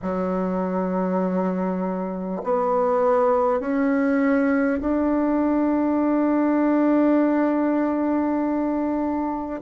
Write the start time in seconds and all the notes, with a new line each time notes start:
0.02 F#3
2.43 B3
3.60 C#4
4.81 D4